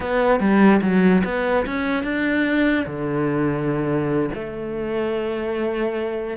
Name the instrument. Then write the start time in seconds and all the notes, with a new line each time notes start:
cello
0.00 B3
0.39 G3
0.81 F#3
1.24 B3
1.66 C#4
2.03 D4
2.86 D3
4.34 A3